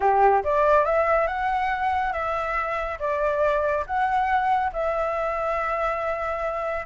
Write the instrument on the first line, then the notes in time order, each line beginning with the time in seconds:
flute
0.00 G4
0.43 D5
0.85 E5
1.27 F#5
2.12 E5
2.99 D5
3.86 F#5
4.72 E5